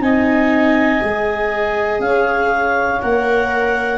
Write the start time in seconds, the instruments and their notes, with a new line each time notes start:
0.00 tuba C4, viola D#4, saxophone D#5, clarinet G#5
1.01 tuba G#3, viola G#4
1.99 tuba C#4, saxophone C#5, clarinet F5
3.01 tuba A#3, viola A#4, clarinet F#5